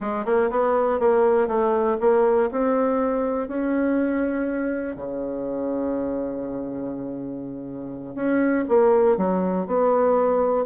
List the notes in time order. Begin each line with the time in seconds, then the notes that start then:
0.00 G#3
0.25 A#3
0.50 B3
0.99 A#3
1.47 A3
2.00 A#3
2.51 C4
3.48 C#4
4.95 C#3
8.15 C#4
8.68 A#3
9.17 F#3
9.66 B3